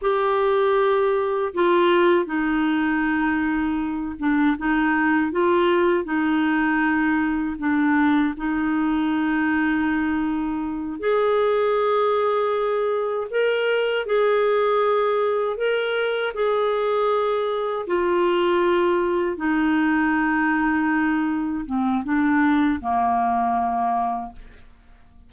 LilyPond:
\new Staff \with { instrumentName = "clarinet" } { \time 4/4 \tempo 4 = 79 g'2 f'4 dis'4~ | dis'4. d'8 dis'4 f'4 | dis'2 d'4 dis'4~ | dis'2~ dis'8 gis'4.~ |
gis'4. ais'4 gis'4.~ | gis'8 ais'4 gis'2 f'8~ | f'4. dis'2~ dis'8~ | dis'8 c'8 d'4 ais2 | }